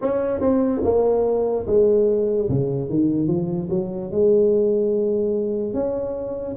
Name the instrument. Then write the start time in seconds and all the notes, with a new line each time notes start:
tuba
0.01 C#4
0.40 C4
0.83 A#3
1.66 G#3
2.49 C#3
2.89 D#3
3.27 F3
3.69 F#3
4.11 G#3
5.73 C#4